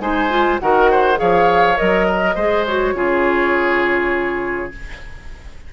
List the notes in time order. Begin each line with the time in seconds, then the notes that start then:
0.00 G#3 D#4 C5 G#5
0.30 F4
0.59 D#3 F#4 A#4 F#5
0.91 C5
1.16 F3 G#4 C#5 F5
1.76 F#3 A#4 D#5
2.08 A#4
2.35 G#3 G#4 C5
2.66 F#4 C#5
2.94 C#3 F4 G#4